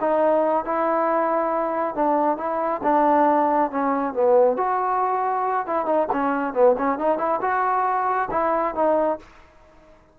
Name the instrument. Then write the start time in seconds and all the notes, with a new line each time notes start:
trombone
0.00 D#4
0.64 E4
1.94 D4
2.37 E4
2.83 D4
3.70 C#4
4.13 B3
4.57 F#4
5.66 E4
5.85 D#4
6.12 C#4
6.53 B3
6.78 C#4
6.98 D#4
7.18 E4
7.41 F#4
8.31 E4
8.75 D#4